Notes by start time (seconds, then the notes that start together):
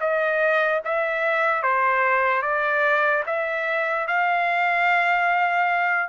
0.00 D#5
0.85 E5
1.63 C5
2.43 D5
3.26 E5
4.08 F5